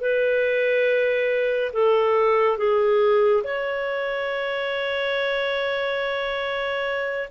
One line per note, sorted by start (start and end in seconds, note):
0.00 1.71 B4
1.73 2.57 A4
2.57 3.43 G#4
3.43 7.29 C#5